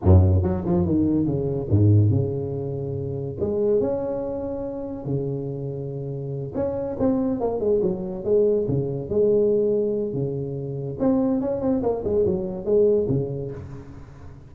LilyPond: \new Staff \with { instrumentName = "tuba" } { \time 4/4 \tempo 4 = 142 fis,4 fis8 f8 dis4 cis4 | gis,4 cis2. | gis4 cis'2. | cis2.~ cis8 cis'8~ |
cis'8 c'4 ais8 gis8 fis4 gis8~ | gis8 cis4 gis2~ gis8 | cis2 c'4 cis'8 c'8 | ais8 gis8 fis4 gis4 cis4 | }